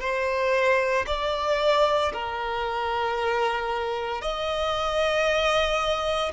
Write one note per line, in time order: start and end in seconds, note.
0.00 1.05 C5
1.07 2.12 D5
2.12 4.21 A#4
4.21 6.32 D#5